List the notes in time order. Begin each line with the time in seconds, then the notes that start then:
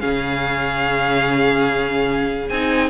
0.00 C#3 C#4 G#4 F5
2.49 C4 D#4 G#5